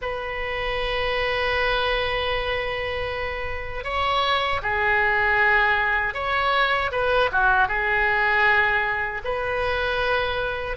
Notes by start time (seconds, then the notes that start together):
0.01 B4
3.84 C#5
4.62 G#4
6.14 C#5
6.91 B4
7.31 F#4
7.67 G#4
9.24 B4